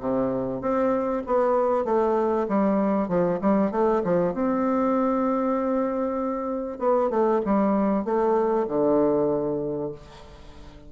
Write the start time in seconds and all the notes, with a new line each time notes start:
0.00 C3
0.61 C4
1.27 B3
1.85 A3
2.49 G3
3.08 F3
3.41 G3
3.71 A3
4.04 F3
4.34 C4
6.79 B3
7.10 A3
7.45 G3
8.05 A3
8.68 D3